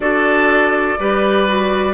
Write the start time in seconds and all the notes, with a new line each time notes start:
0.00 D4 F#4 A4 D5
0.99 G3 G4 B4
1.48 F#4